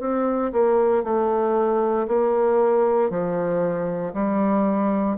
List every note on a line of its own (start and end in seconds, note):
0.00 0.52 C4
0.53 1.04 A#3
1.04 2.07 A3
2.08 3.10 A#3
3.10 4.13 F3
4.14 5.17 G3